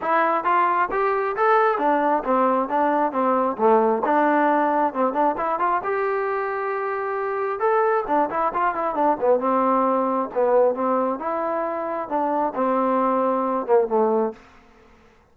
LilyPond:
\new Staff \with { instrumentName = "trombone" } { \time 4/4 \tempo 4 = 134 e'4 f'4 g'4 a'4 | d'4 c'4 d'4 c'4 | a4 d'2 c'8 d'8 | e'8 f'8 g'2.~ |
g'4 a'4 d'8 e'8 f'8 e'8 | d'8 b8 c'2 b4 | c'4 e'2 d'4 | c'2~ c'8 ais8 a4 | }